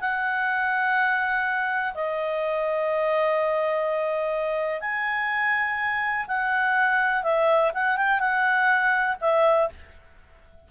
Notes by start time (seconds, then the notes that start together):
0.00 F#5
1.94 D#5
4.80 G#5
6.27 F#5
7.23 E5
7.74 F#5
7.96 G5
8.19 F#5
9.20 E5